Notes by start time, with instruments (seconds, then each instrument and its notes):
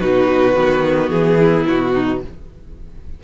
0.00 cello B2, viola D#4, violin F#4 B4
0.55 cello D#3, viola B3
1.10 cello E3, violin G#4
1.39 violin E4
1.68 cello B2, violin F#4
1.93 violin D#4